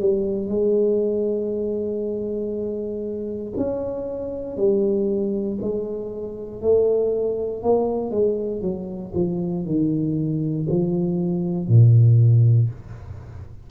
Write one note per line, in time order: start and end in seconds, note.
0.00 0.48 G3
0.48 3.53 G#3
3.57 4.57 C#4
4.57 5.59 G3
5.62 6.62 G#3
6.62 7.63 A3
7.63 8.11 A#3
8.11 8.62 G#3
8.62 9.12 F#3
9.15 9.66 F3
9.66 10.67 D#3
10.70 11.68 F3
11.68 12.70 A#2